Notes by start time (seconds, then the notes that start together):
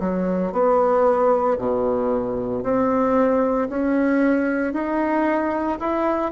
0.00 F#3
0.52 B3
1.58 B2
2.63 C4
3.69 C#4
4.73 D#4
5.79 E4